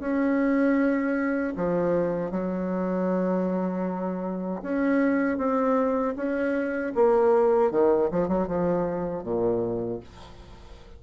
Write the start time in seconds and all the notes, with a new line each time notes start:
0.00 C#4
1.57 F3
2.31 F#3
4.63 C#4
5.38 C4
6.17 C#4
6.95 A#3
7.71 D#3
8.12 F3
8.28 F#3
8.48 F3
9.24 A#2